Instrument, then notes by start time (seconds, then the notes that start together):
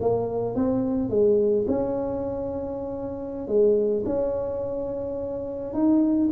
tuba
0.00 A#3
0.55 C4
1.10 G#3
1.68 C#4
3.48 G#3
4.06 C#4
5.74 D#4